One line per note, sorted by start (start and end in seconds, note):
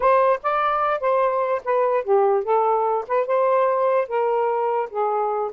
0.00 0.40 C5
0.42 1.00 D5
1.00 1.61 C5
1.64 2.03 B4
2.03 2.44 G4
2.44 3.05 A4
3.07 3.26 B4
3.26 4.07 C5
4.08 4.89 A#4
4.90 5.51 G#4